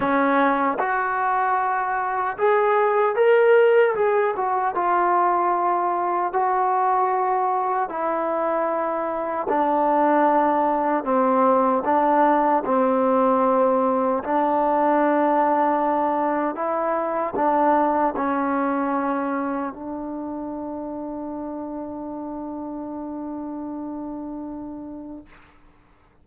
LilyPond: \new Staff \with { instrumentName = "trombone" } { \time 4/4 \tempo 4 = 76 cis'4 fis'2 gis'4 | ais'4 gis'8 fis'8 f'2 | fis'2 e'2 | d'2 c'4 d'4 |
c'2 d'2~ | d'4 e'4 d'4 cis'4~ | cis'4 d'2.~ | d'1 | }